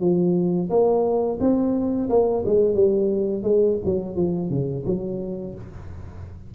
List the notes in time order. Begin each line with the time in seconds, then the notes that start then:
0.00 F3
0.69 A#3
1.40 C4
2.09 A#3
2.45 G#3
2.74 G3
3.43 G#3
3.85 F#3
4.15 F3
4.50 C#3
4.85 F#3